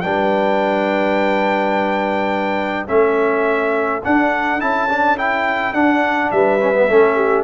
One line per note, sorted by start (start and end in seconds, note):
0.00 2.89 G3
0.00 2.87 D4
0.00 2.90 B4
0.00 2.86 G5
2.87 4.03 A3
2.87 4.01 C#4
2.87 6.33 A4
2.87 4.02 E5
4.04 4.59 D4
4.04 4.61 D4
4.04 4.60 F#5
4.59 5.73 C#4
4.59 4.88 E4
4.59 5.18 A5
4.89 5.17 D4
5.17 5.74 E4
5.17 5.73 G5
5.73 6.30 D4
5.73 6.59 D4
5.73 6.30 F#5
6.31 6.89 G3
6.31 6.88 B4
6.31 7.43 E5
6.59 6.74 C#4
6.74 6.88 B3
6.88 7.43 A3
6.88 7.43 C#4
6.88 7.16 A4
7.16 7.43 G4